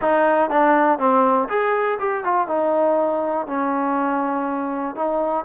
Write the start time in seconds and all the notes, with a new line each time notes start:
0.01 D#4
0.50 D4
0.98 C4
1.48 G#4
1.99 G4
2.24 F4
2.47 D#4
3.46 C#4
4.95 D#4